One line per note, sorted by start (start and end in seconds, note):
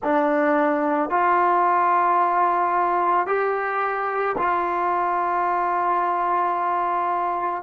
0.03 1.10 D4
1.10 3.26 F4
3.26 4.35 G4
4.37 7.63 F4